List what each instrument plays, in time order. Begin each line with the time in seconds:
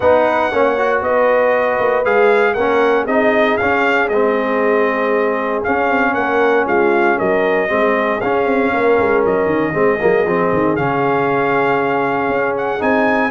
0.00 tuba B3, trombone D#4, horn B4, trumpet F#5
0.51 tuba A#3, trombone C#4, horn C#5
0.77 trombone F#4
1.02 tuba B3, horn B4, trumpet D#5
1.79 tuba A#3
2.04 tuba G#3, trombone G#4, trumpet F5
2.54 tuba A#3, trombone C#4, horn A#4, trumpet F#5
3.03 tuba C4, trombone D#4, horn G#4, trumpet D#5
3.57 trombone C#4, tuba C#4, trumpet F5
4.08 tuba G#3, trombone C4, trumpet D#5
5.63 trombone C#4, tuba C#4, trumpet F5
5.88 tuba C4
6.14 tuba A#3, horn A#4, trumpet F#5
6.65 tuba G#3, horn F4, trumpet F5
7.17 tuba F#3, horn A#4, trumpet D#5
7.68 tuba G#3, trombone C4, horn G#4
8.20 tuba C#4, trombone C#4, trumpet F5
8.45 tuba C4
8.72 tuba A#3, horn A#4
8.98 tuba G#3
9.24 tuba F#3, trumpet D#5
9.45 tuba D#3
9.73 tuba G#3, trombone C4, horn G#4
10.00 tuba F#3, trombone A#3
10.25 tuba F3, trombone C4
10.53 tuba D#3
10.76 tuba C#3, trombone C#4, trumpet F5
12.28 tuba C#4
12.57 trumpet F#5
12.79 tuba C4, trombone D#4, trumpet G#5